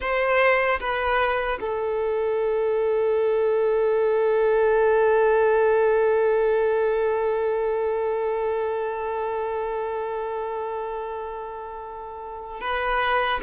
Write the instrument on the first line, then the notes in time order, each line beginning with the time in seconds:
violin
0.00 C5
0.80 B4
1.60 A4
12.61 B4